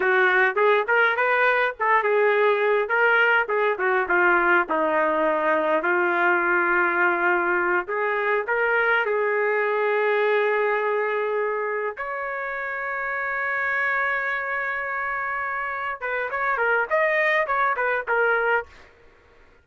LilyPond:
\new Staff \with { instrumentName = "trumpet" } { \time 4/4 \tempo 4 = 103 fis'4 gis'8 ais'8 b'4 a'8 gis'8~ | gis'4 ais'4 gis'8 fis'8 f'4 | dis'2 f'2~ | f'4. gis'4 ais'4 gis'8~ |
gis'1~ | gis'8 cis''2.~ cis''8~ | cis''2.~ cis''8 b'8 | cis''8 ais'8 dis''4 cis''8 b'8 ais'4 | }